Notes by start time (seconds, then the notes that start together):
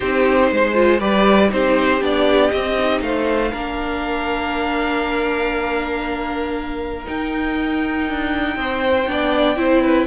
0.00 C4 D#4 G4 C5
0.51 G#3 C5
0.74 F4
1.00 G3 G4 B4 D5
1.49 C4 D#4 G4 C5
2.01 B3 D4 D5
2.50 C4 D#5
2.57 C4
2.78 D#4
3.01 A3 C5 F5
3.51 A#3 D4 A#4
7.04 D#4 G5
8.09 D4
8.56 C4 C5
9.07 B3 D4 D5
9.56 C4 E4 C5
9.81 B4